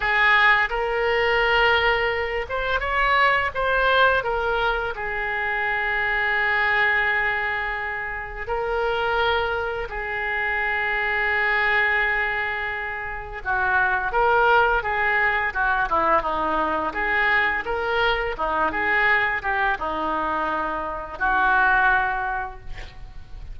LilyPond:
\new Staff \with { instrumentName = "oboe" } { \time 4/4 \tempo 4 = 85 gis'4 ais'2~ ais'8 c''8 | cis''4 c''4 ais'4 gis'4~ | gis'1 | ais'2 gis'2~ |
gis'2. fis'4 | ais'4 gis'4 fis'8 e'8 dis'4 | gis'4 ais'4 dis'8 gis'4 g'8 | dis'2 fis'2 | }